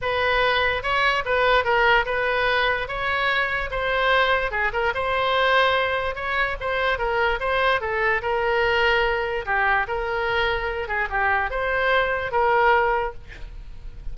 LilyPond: \new Staff \with { instrumentName = "oboe" } { \time 4/4 \tempo 4 = 146 b'2 cis''4 b'4 | ais'4 b'2 cis''4~ | cis''4 c''2 gis'8 ais'8 | c''2. cis''4 |
c''4 ais'4 c''4 a'4 | ais'2. g'4 | ais'2~ ais'8 gis'8 g'4 | c''2 ais'2 | }